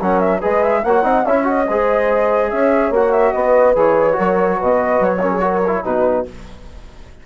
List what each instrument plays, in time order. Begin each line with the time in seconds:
0.00 bassoon F#3, trombone C#4, horn A#4, flute F#5
0.20 flute E5
0.41 bassoon G#3, trombone G#4, horn B4, flute D#5
0.64 flute E5
0.84 bassoon A#3, trombone F#4, horn C#5, flute F#5
1.03 bassoon C4, trombone D#4, horn D#5
1.26 bassoon C#4, trombone E4, horn C#5, flute E5
1.45 trombone F#4, flute D#5
1.68 bassoon G#3, trombone G#4, horn C5
2.51 bassoon C#4, horn C#5, flute E5
2.91 bassoon A#3, trombone F#4, flute F#5
3.12 flute E5
3.33 bassoon B3, horn B4, flute D#5
3.76 bassoon E3, trombone G#4, flute C#5
4.13 bassoon F#3, trombone F#4, horn A#4
4.58 bassoon B2, horn B4, flute D#5
5.01 bassoon F#3, flute C#5
5.22 trombone C#4, horn A#4
5.32 horn G#4
5.41 trombone F#4, horn A#4
5.68 trombone E4
5.83 bassoon B2, trombone D#4, horn F#4, flute B4